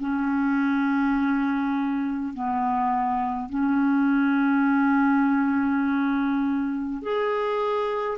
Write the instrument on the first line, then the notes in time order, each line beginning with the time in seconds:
clarinet
0.00 C#4
2.34 B3
3.50 C#4
7.02 G#4